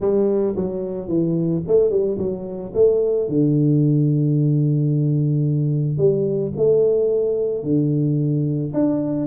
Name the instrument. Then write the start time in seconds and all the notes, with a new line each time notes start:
tuba
0.00 G3
0.56 F#3
1.08 E3
1.67 A3
1.90 G3
2.18 F#3
2.74 A3
3.28 D3
5.97 G3
6.56 A3
7.63 D3
8.73 D4